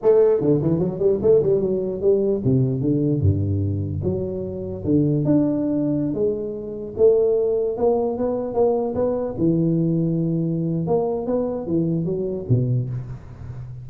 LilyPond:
\new Staff \with { instrumentName = "tuba" } { \time 4/4 \tempo 4 = 149 a4 d8 e8 fis8 g8 a8 g8 | fis4 g4 c4 d4 | g,2 fis2 | d4 d'2~ d'16 gis8.~ |
gis4~ gis16 a2 ais8.~ | ais16 b4 ais4 b4 e8.~ | e2. ais4 | b4 e4 fis4 b,4 | }